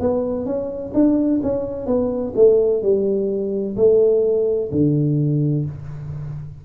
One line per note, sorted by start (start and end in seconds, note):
0.00 0.46 B3
0.46 0.92 C#4
0.94 1.41 D4
1.43 1.87 C#4
1.87 2.34 B3
2.36 2.83 A3
2.83 3.76 G3
3.76 4.70 A3
4.72 5.65 D3